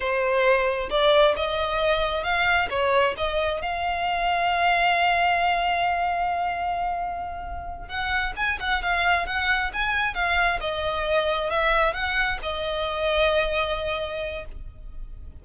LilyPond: \new Staff \with { instrumentName = "violin" } { \time 4/4 \tempo 4 = 133 c''2 d''4 dis''4~ | dis''4 f''4 cis''4 dis''4 | f''1~ | f''1~ |
f''4. fis''4 gis''8 fis''8 f''8~ | f''8 fis''4 gis''4 f''4 dis''8~ | dis''4. e''4 fis''4 dis''8~ | dis''1 | }